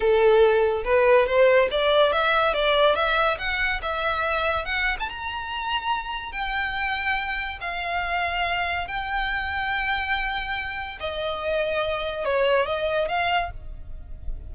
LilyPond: \new Staff \with { instrumentName = "violin" } { \time 4/4 \tempo 4 = 142 a'2 b'4 c''4 | d''4 e''4 d''4 e''4 | fis''4 e''2 fis''8. a''16 | ais''2. g''4~ |
g''2 f''2~ | f''4 g''2.~ | g''2 dis''2~ | dis''4 cis''4 dis''4 f''4 | }